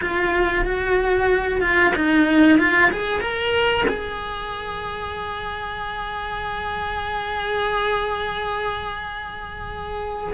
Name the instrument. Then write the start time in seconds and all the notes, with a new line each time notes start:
cello
0.01 F4
0.65 F#4
1.61 F4
1.95 D#4
2.58 F4
2.91 G#4
3.21 A#4
3.88 G#4